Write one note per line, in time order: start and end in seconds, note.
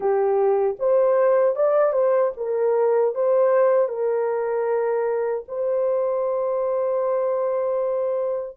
0.00 0.76 G4
0.79 1.55 C5
1.55 1.92 D5
1.92 2.31 C5
2.36 3.14 A#4
3.15 3.88 C5
3.88 5.44 A#4
5.48 8.57 C5